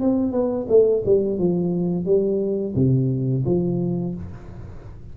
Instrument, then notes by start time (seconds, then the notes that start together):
tuba
0.00 C4
0.31 B3
0.68 A3
1.05 G3
1.38 F3
2.05 G3
2.75 C3
3.45 F3